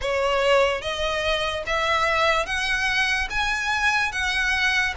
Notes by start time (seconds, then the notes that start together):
0.01 C#5
0.81 D#5
1.66 E5
2.45 F#5
3.30 G#5
4.11 F#5